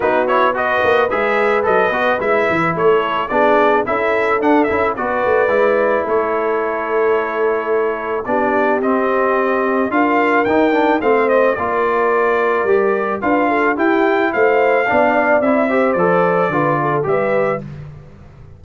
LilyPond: <<
  \new Staff \with { instrumentName = "trumpet" } { \time 4/4 \tempo 4 = 109 b'8 cis''8 dis''4 e''4 dis''4 | e''4 cis''4 d''4 e''4 | fis''8 e''8 d''2 cis''4~ | cis''2. d''4 |
dis''2 f''4 g''4 | f''8 dis''8 d''2. | f''4 g''4 f''2 | e''4 d''2 e''4 | }
  \new Staff \with { instrumentName = "horn" } { \time 4/4 fis'4 b'2.~ | b'4 a'4 gis'4 a'4~ | a'4 b'2 a'4~ | a'2. g'4~ |
g'2 ais'2 | c''4 ais'2. | b'8 a'8 g'4 c''4 d''4~ | d''8 c''4. b'8 a'8 b'4 | }
  \new Staff \with { instrumentName = "trombone" } { \time 4/4 dis'8 e'8 fis'4 gis'4 a'8 fis'8 | e'2 d'4 e'4 | d'8 e'8 fis'4 e'2~ | e'2. d'4 |
c'2 f'4 dis'8 d'8 | c'4 f'2 g'4 | f'4 e'2 d'4 | e'8 g'8 a'4 f'4 g'4 | }
  \new Staff \with { instrumentName = "tuba" } { \time 4/4 b4. ais8 gis4 fis8 b8 | gis8 e8 a4 b4 cis'4 | d'8 cis'8 b8 a8 gis4 a4~ | a2. b4 |
c'2 d'4 dis'4 | a4 ais2 g4 | d'4 e'4 a4 b4 | c'4 f4 d4 g4 | }
>>